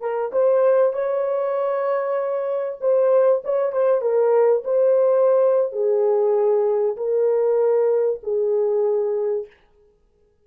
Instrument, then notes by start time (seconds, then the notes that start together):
horn
0.00 A#4
0.32 C5
0.93 C#5
2.80 C5
3.44 C#5
3.72 C5
4.01 A#4
4.64 C5
5.72 G#4
6.96 A#4
8.22 G#4